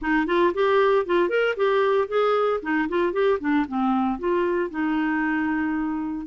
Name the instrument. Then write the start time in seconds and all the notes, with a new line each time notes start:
clarinet
0.01 D#4
0.26 F4
0.54 G4
1.06 F4
1.29 A#4
1.56 G4
2.08 G#4
2.62 D#4
2.88 F4
3.13 G4
3.40 D4
3.68 C4
4.18 F4
4.70 D#4